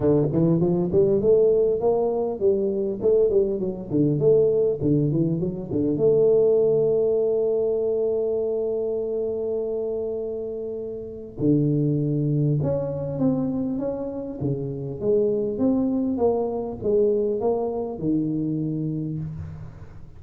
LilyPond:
\new Staff \with { instrumentName = "tuba" } { \time 4/4 \tempo 4 = 100 d8 e8 f8 g8 a4 ais4 | g4 a8 g8 fis8 d8 a4 | d8 e8 fis8 d8 a2~ | a1~ |
a2. d4~ | d4 cis'4 c'4 cis'4 | cis4 gis4 c'4 ais4 | gis4 ais4 dis2 | }